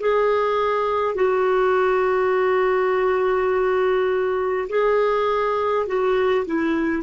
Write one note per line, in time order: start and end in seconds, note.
0.00 1.16 G#4
1.16 4.68 F#4
4.70 5.87 G#4
5.87 6.46 F#4
6.47 7.03 E4